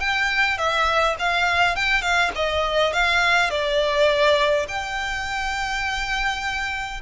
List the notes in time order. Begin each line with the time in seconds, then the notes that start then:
0.00 G5
0.58 E5
1.19 F5
1.76 G5
2.02 F5
2.36 D#5
2.93 F5
3.50 D5
4.68 G5